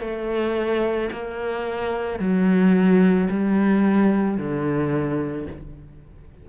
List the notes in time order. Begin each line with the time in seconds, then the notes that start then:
0.00 A3
1.12 A#3
2.19 F#3
3.29 G3
4.37 D3